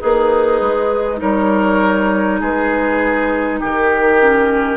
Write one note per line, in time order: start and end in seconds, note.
0.00 0.61 A#3
0.00 1.21 D#4
0.00 1.18 G#4
0.00 1.20 B4
0.61 1.21 G#3
1.18 2.41 G3
1.18 4.17 D#4
1.18 2.41 A#4
1.18 2.40 C#5
2.41 3.61 G#3
2.41 3.60 G#4
2.41 3.62 B4
3.60 4.77 D#3
3.60 4.77 G4
3.60 4.77 A#4
4.21 4.77 C#4